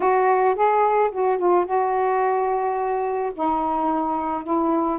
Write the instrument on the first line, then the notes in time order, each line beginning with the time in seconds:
saxophone
0.00 F#4
0.55 G#4
1.11 F#4
1.38 F4
1.65 F#4
3.33 D#4
4.43 E4